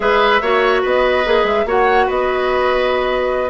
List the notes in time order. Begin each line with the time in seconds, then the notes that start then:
0.00 G#3 G#4 B4 E5
0.41 A#3 F#4 C#5
0.82 B3 B4 D#5
1.25 A#3 G#4
1.43 G#3 E5
1.65 A#3 F#4 C#5 F#5
2.06 B3 B4 D#5